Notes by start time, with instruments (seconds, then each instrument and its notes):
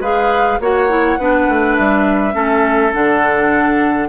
0.00 bassoon G#3, clarinet G#4, oboe B4, flute F5
0.60 bassoon A#3, clarinet F#4, oboe C#5, flute F#5
0.89 clarinet E4
1.19 bassoon B3, clarinet D4, oboe B4
1.49 bassoon A3
1.76 bassoon G3, flute E5
2.33 bassoon A3, clarinet C#4, oboe A4
2.93 bassoon D3, clarinet D4, flute F#5